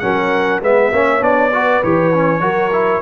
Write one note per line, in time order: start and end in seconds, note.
0.00 0.62 F#3
0.00 0.62 C#4
0.00 0.63 A#4
0.00 0.60 F#5
0.62 0.92 G#3
0.62 0.93 B3
0.62 0.93 B4
0.62 1.24 E5
0.92 1.21 A#3
0.92 1.21 C#4
0.92 1.54 C#5
1.21 1.81 B3
1.21 1.51 D4
1.21 1.84 D5
1.53 1.83 F#4
1.53 2.42 B4
1.83 2.41 E3
1.83 2.13 G4
1.83 3.02 C#5
2.14 2.41 C#4
2.41 3.01 F#3
2.41 2.71 F#4
2.41 3.02 A#4
2.73 3.02 E4